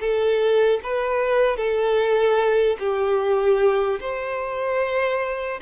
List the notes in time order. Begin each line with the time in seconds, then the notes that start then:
0.00 A4
0.83 B4
1.57 A4
2.79 G4
4.00 C5